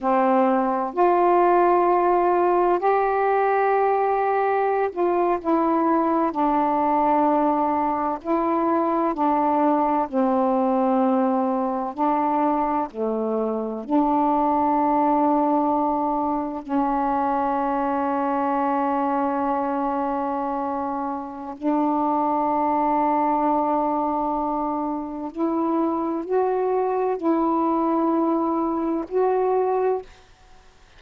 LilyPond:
\new Staff \with { instrumentName = "saxophone" } { \time 4/4 \tempo 4 = 64 c'4 f'2 g'4~ | g'4~ g'16 f'8 e'4 d'4~ d'16~ | d'8. e'4 d'4 c'4~ c'16~ | c'8. d'4 a4 d'4~ d'16~ |
d'4.~ d'16 cis'2~ cis'16~ | cis'2. d'4~ | d'2. e'4 | fis'4 e'2 fis'4 | }